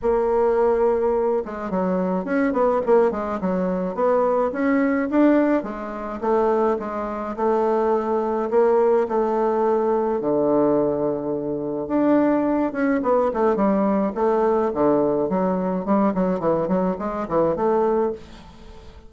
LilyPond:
\new Staff \with { instrumentName = "bassoon" } { \time 4/4 \tempo 4 = 106 ais2~ ais8 gis8 fis4 | cis'8 b8 ais8 gis8 fis4 b4 | cis'4 d'4 gis4 a4 | gis4 a2 ais4 |
a2 d2~ | d4 d'4. cis'8 b8 a8 | g4 a4 d4 fis4 | g8 fis8 e8 fis8 gis8 e8 a4 | }